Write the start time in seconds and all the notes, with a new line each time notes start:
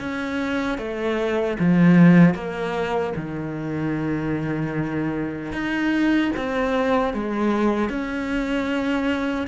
0.00 C#4
0.78 A3
1.60 F3
2.35 A#3
3.16 D#3
5.53 D#4
6.37 C4
7.14 G#3
7.89 C#4